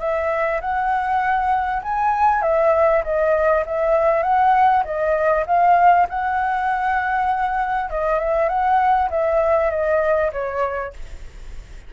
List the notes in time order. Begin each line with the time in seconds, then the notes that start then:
0.00 E5
0.61 F#5
1.83 G#5
2.42 E5
3.04 D#5
3.66 E5
4.23 F#5
4.84 D#5
5.47 F5
6.09 F#5
7.90 D#5
8.20 E5
8.49 F#5
9.10 E5
9.71 D#5
10.33 C#5